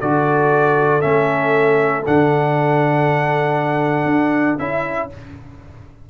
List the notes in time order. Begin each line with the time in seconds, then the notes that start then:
0.00 D3 F#4 A4 D5
1.01 A3 C#4 E5
2.05 D3 D4 F#5
4.05 D4
4.58 C#4 E4 E5